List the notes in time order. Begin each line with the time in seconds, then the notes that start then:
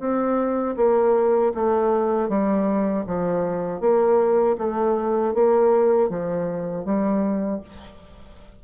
0.00 C4
0.77 A#3
1.55 A3
2.29 G3
3.07 F3
3.81 A#3
4.58 A3
5.34 A#3
6.09 F3
6.85 G3